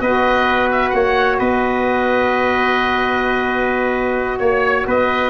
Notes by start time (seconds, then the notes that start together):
0.00 B3 F#4 B4 D#5
0.71 E5
0.90 A#3 C#5 F#5
1.39 B3 B4 D#5
4.39 A#3 C#5
4.86 B3 B4 D#5